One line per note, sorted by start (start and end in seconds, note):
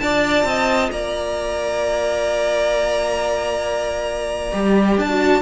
0.00 0.44 D4
0.00 4.52 F4
0.00 0.48 D5
0.00 0.90 A5
0.44 0.89 C4
0.44 0.93 D#5
0.92 4.53 A#3
0.92 5.42 D5
0.92 4.98 A#5
4.52 4.98 G3
4.52 5.08 G4
4.98 5.42 D4
4.98 5.42 A5
5.09 5.42 F#4